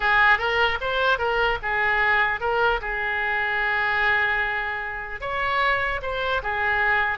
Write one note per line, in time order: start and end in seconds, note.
0.00 0.38 G#4
0.38 0.78 A#4
0.80 1.18 C5
1.18 1.58 A#4
1.62 2.40 G#4
2.40 2.80 A#4
2.81 5.21 G#4
5.21 6.01 C#5
6.02 6.42 C5
6.42 7.18 G#4